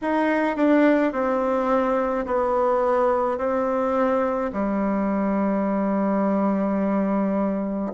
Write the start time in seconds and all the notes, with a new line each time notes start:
0.01 D#4
0.56 D4
1.12 C4
2.26 B3
3.38 C4
4.53 G3